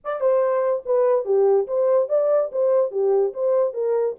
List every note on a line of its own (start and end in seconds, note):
0.04 0.20 D5
0.20 0.82 C5
0.85 1.25 B4
1.25 1.66 G4
1.67 2.08 C5
2.09 2.50 D5
2.52 2.91 C5
2.91 3.33 G4
3.33 3.73 C5
3.73 4.15 A#4